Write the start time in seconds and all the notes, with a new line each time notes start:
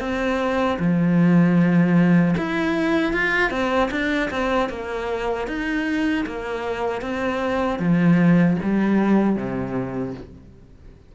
0.00 C4
0.79 F3
2.38 E4
3.13 F4
3.51 C4
3.91 D4
4.31 C4
4.70 A#3
5.48 D#4
6.27 A#3
7.02 C4
7.79 F3
8.63 G3
9.36 C3